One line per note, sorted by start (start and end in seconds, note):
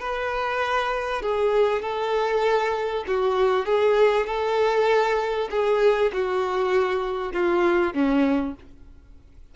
0.00 1.22 B4
1.22 1.82 G#4
1.82 3.04 A4
3.07 3.65 F#4
3.65 4.26 G#4
4.26 5.49 A4
5.50 6.12 G#4
6.13 7.33 F#4
7.33 7.93 F4
7.93 8.55 C#4